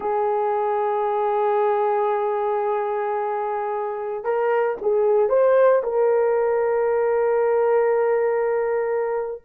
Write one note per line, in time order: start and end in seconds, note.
0.00 4.23 G#4
4.23 4.76 A#4
4.81 5.29 G#4
5.29 5.82 C5
5.83 9.41 A#4